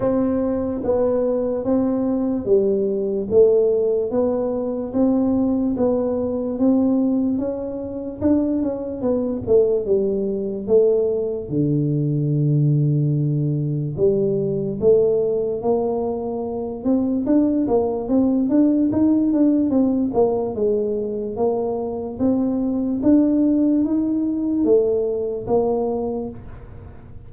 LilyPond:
\new Staff \with { instrumentName = "tuba" } { \time 4/4 \tempo 4 = 73 c'4 b4 c'4 g4 | a4 b4 c'4 b4 | c'4 cis'4 d'8 cis'8 b8 a8 | g4 a4 d2~ |
d4 g4 a4 ais4~ | ais8 c'8 d'8 ais8 c'8 d'8 dis'8 d'8 | c'8 ais8 gis4 ais4 c'4 | d'4 dis'4 a4 ais4 | }